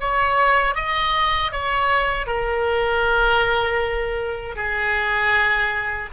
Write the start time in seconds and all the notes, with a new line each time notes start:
0.00 C#5
0.74 D#5
1.52 C#5
2.27 A#4
4.56 G#4